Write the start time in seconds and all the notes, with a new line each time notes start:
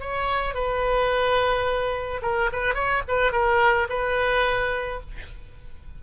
0.00 C#5
0.54 B4
2.22 A#4
2.52 B4
2.74 C#5
3.08 B4
3.32 A#4
3.89 B4